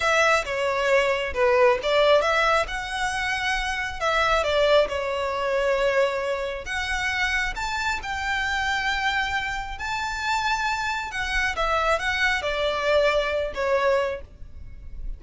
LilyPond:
\new Staff \with { instrumentName = "violin" } { \time 4/4 \tempo 4 = 135 e''4 cis''2 b'4 | d''4 e''4 fis''2~ | fis''4 e''4 d''4 cis''4~ | cis''2. fis''4~ |
fis''4 a''4 g''2~ | g''2 a''2~ | a''4 fis''4 e''4 fis''4 | d''2~ d''8 cis''4. | }